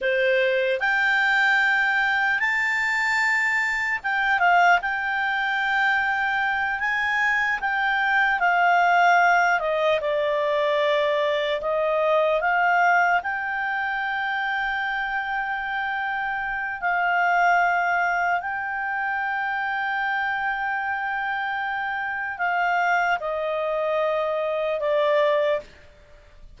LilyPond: \new Staff \with { instrumentName = "clarinet" } { \time 4/4 \tempo 4 = 75 c''4 g''2 a''4~ | a''4 g''8 f''8 g''2~ | g''8 gis''4 g''4 f''4. | dis''8 d''2 dis''4 f''8~ |
f''8 g''2.~ g''8~ | g''4 f''2 g''4~ | g''1 | f''4 dis''2 d''4 | }